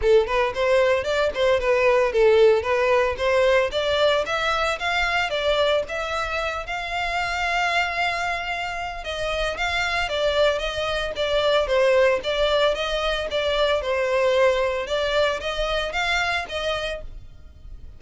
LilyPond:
\new Staff \with { instrumentName = "violin" } { \time 4/4 \tempo 4 = 113 a'8 b'8 c''4 d''8 c''8 b'4 | a'4 b'4 c''4 d''4 | e''4 f''4 d''4 e''4~ | e''8 f''2.~ f''8~ |
f''4 dis''4 f''4 d''4 | dis''4 d''4 c''4 d''4 | dis''4 d''4 c''2 | d''4 dis''4 f''4 dis''4 | }